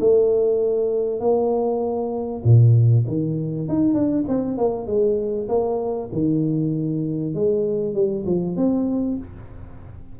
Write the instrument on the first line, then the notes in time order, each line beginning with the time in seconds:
tuba
0.00 A3
1.20 A#3
2.44 A#2
3.07 D#3
3.68 D#4
3.94 D4
4.28 C4
4.58 A#3
4.87 G#3
5.48 A#3
6.12 D#3
7.34 G#3
7.94 G3
8.26 F3
8.56 C4